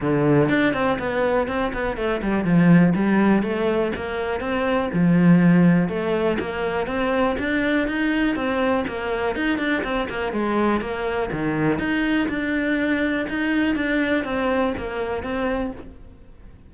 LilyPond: \new Staff \with { instrumentName = "cello" } { \time 4/4 \tempo 4 = 122 d4 d'8 c'8 b4 c'8 b8 | a8 g8 f4 g4 a4 | ais4 c'4 f2 | a4 ais4 c'4 d'4 |
dis'4 c'4 ais4 dis'8 d'8 | c'8 ais8 gis4 ais4 dis4 | dis'4 d'2 dis'4 | d'4 c'4 ais4 c'4 | }